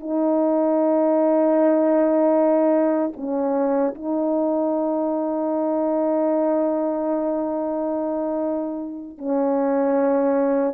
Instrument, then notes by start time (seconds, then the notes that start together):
horn
0.00 D#4
3.16 C#4
3.95 D#4
9.18 C#4